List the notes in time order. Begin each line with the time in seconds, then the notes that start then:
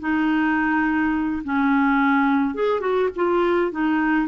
0.00 D#4
1.44 C#4
2.55 G#4
2.81 F#4
3.16 F4
3.71 D#4